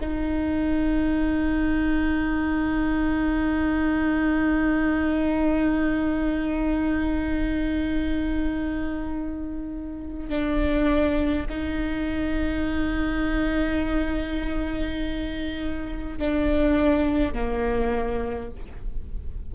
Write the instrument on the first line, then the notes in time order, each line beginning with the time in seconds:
viola
0.00 D#4
10.29 D4
11.49 D#4
16.18 D4
17.33 A#3